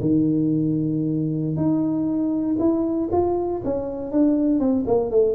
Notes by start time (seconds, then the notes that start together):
0.00 D#3
1.56 D#4
2.59 E4
3.12 F4
3.64 C#4
4.11 D4
4.59 C4
4.86 A#3
5.10 A3